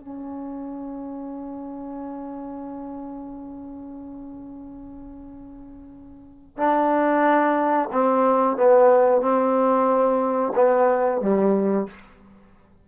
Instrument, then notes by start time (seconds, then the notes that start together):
trombone
0.00 C#4
6.58 D4
7.92 C4
8.57 B3
9.22 C4
10.56 B3
11.22 G3